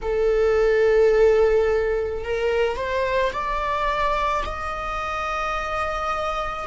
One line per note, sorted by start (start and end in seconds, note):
0.02 2.24 A4
2.24 2.76 A#4
2.76 3.32 C5
3.32 4.43 D5
4.45 6.67 D#5